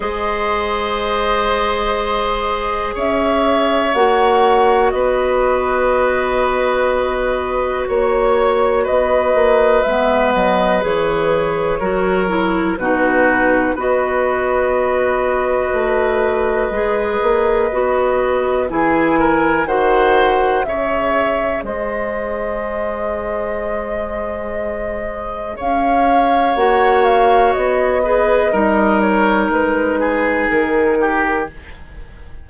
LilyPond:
<<
  \new Staff \with { instrumentName = "flute" } { \time 4/4 \tempo 4 = 61 dis''2. e''4 | fis''4 dis''2. | cis''4 dis''4 e''8 dis''8 cis''4~ | cis''4 b'4 dis''2~ |
dis''2. gis''4 | fis''4 e''4 dis''2~ | dis''2 f''4 fis''8 f''8 | dis''4. cis''8 b'4 ais'4 | }
  \new Staff \with { instrumentName = "oboe" } { \time 4/4 c''2. cis''4~ | cis''4 b'2. | cis''4 b'2. | ais'4 fis'4 b'2~ |
b'2. gis'8 ais'8 | c''4 cis''4 c''2~ | c''2 cis''2~ | cis''8 b'8 ais'4. gis'4 g'8 | }
  \new Staff \with { instrumentName = "clarinet" } { \time 4/4 gis'1 | fis'1~ | fis'2 b4 gis'4 | fis'8 e'8 dis'4 fis'2~ |
fis'4 gis'4 fis'4 e'4 | fis'4 gis'2.~ | gis'2. fis'4~ | fis'8 gis'8 dis'2. | }
  \new Staff \with { instrumentName = "bassoon" } { \time 4/4 gis2. cis'4 | ais4 b2. | ais4 b8 ais8 gis8 fis8 e4 | fis4 b,4 b2 |
a4 gis8 ais8 b4 e4 | dis4 cis4 gis2~ | gis2 cis'4 ais4 | b4 g4 gis4 dis4 | }
>>